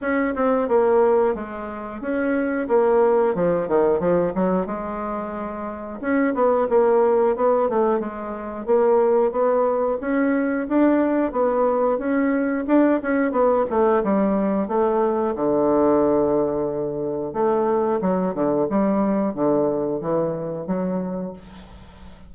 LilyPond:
\new Staff \with { instrumentName = "bassoon" } { \time 4/4 \tempo 4 = 90 cis'8 c'8 ais4 gis4 cis'4 | ais4 f8 dis8 f8 fis8 gis4~ | gis4 cis'8 b8 ais4 b8 a8 | gis4 ais4 b4 cis'4 |
d'4 b4 cis'4 d'8 cis'8 | b8 a8 g4 a4 d4~ | d2 a4 fis8 d8 | g4 d4 e4 fis4 | }